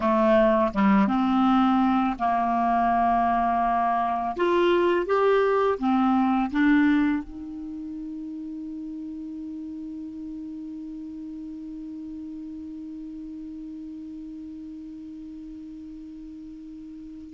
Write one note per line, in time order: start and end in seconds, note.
0.00 0.71 A3
0.73 1.07 G3
1.07 2.16 C4
2.19 4.35 A#3
4.36 5.06 F4
5.06 5.78 G4
5.78 6.51 C4
6.51 7.23 D4
7.23 17.33 D#4